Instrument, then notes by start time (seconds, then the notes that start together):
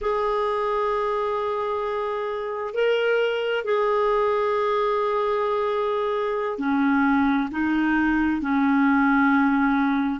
clarinet
0.01 G#4
2.74 A#4
3.64 G#4
6.58 C#4
7.51 D#4
8.41 C#4